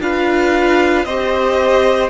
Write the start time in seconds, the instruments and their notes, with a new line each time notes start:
0.00 cello D4, viola F4, violin B4 F5
1.05 cello C4, viola G4, violin C5 D#5